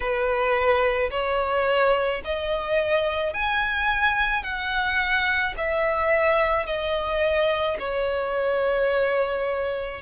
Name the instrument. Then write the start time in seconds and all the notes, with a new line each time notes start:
violin
0.00 B4
1.11 C#5
2.24 D#5
3.33 G#5
4.43 F#5
5.57 E5
6.66 D#5
7.79 C#5